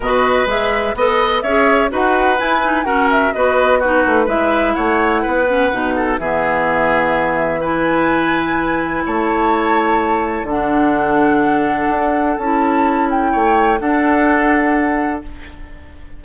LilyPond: <<
  \new Staff \with { instrumentName = "flute" } { \time 4/4 \tempo 4 = 126 dis''4 e''4 b'4 e''4 | fis''4 gis''4 fis''8 e''8 dis''4 | b'4 e''4 fis''2~ | fis''4 e''2. |
gis''2. a''4~ | a''2 fis''2~ | fis''2 a''4. g''8~ | g''4 fis''2. | }
  \new Staff \with { instrumentName = "oboe" } { \time 4/4 b'2 dis''4 cis''4 | b'2 ais'4 b'4 | fis'4 b'4 cis''4 b'4~ | b'8 a'8 gis'2. |
b'2. cis''4~ | cis''2 a'2~ | a'1 | cis''4 a'2. | }
  \new Staff \with { instrumentName = "clarinet" } { \time 4/4 fis'4 gis'4 a'4 gis'4 | fis'4 e'8 dis'8 cis'4 fis'4 | dis'4 e'2~ e'8 cis'8 | dis'4 b2. |
e'1~ | e'2 d'2~ | d'2 e'2~ | e'4 d'2. | }
  \new Staff \with { instrumentName = "bassoon" } { \time 4/4 b,4 gis4 b4 cis'4 | dis'4 e'4 fis'4 b4~ | b8 a8 gis4 a4 b4 | b,4 e2.~ |
e2. a4~ | a2 d2~ | d4 d'4 cis'2 | a4 d'2. | }
>>